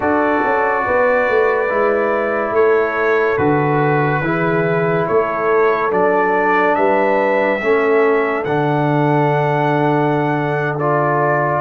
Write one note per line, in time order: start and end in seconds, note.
0.00 0.41 D4
0.00 1.67 F#4
0.00 0.84 A4
0.00 2.54 D5
0.44 0.86 C#4
0.84 1.29 B3
0.84 2.53 B4
1.29 1.71 A3
1.69 2.51 G#3
1.69 3.38 E4
2.51 3.35 A3
2.51 4.23 A4
2.51 3.37 C#5
3.37 4.20 D3
3.37 4.22 F#4
3.37 5.06 B4
4.20 5.05 E3
4.20 5.90 E4
4.20 5.08 G#4
5.06 5.92 A3
5.06 6.77 A4
5.06 5.91 C#5
5.90 6.76 F#3
5.90 7.60 D4
5.90 6.75 D5
6.75 7.61 G3
6.75 7.61 B4
6.75 8.44 E5
7.60 8.45 A3
7.60 8.45 C#4
7.60 11.61 A4
8.44 11.61 D3
8.44 10.79 D4
8.44 10.77 F#5
10.78 11.61 F4
10.78 11.61 D5